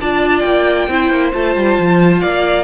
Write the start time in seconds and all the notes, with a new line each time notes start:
0.00 D4 F4 D5 A5
0.40 A#3 G5
0.88 C4 E4 C5
1.10 A#3
1.32 A3 F4 A5
1.56 G3
1.78 F3
2.20 A#3 D5 F5